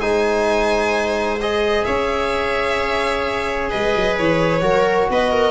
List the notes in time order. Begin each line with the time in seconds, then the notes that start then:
0.00 G#3 D#4 C5 G#5
1.41 G#4 D#5
1.85 C#4 C#5 E5
3.70 G#3 B4 D#5
3.96 F#3
4.18 E3 C#5
4.61 F#3 F#4 A#4
5.10 B3 B4 D#5
5.32 A#4